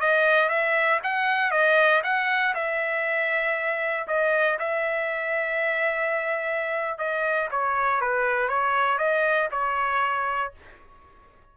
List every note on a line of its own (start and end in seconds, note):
0.00 0.49 D#5
0.49 1.00 E5
1.04 1.51 F#5
1.51 2.02 D#5
2.03 2.54 F#5
2.54 4.07 E5
4.07 4.58 D#5
4.59 6.98 E5
6.98 7.49 D#5
7.51 8.01 C#5
8.01 8.48 B4
8.48 8.98 C#5
8.98 9.49 D#5
9.51 10.53 C#5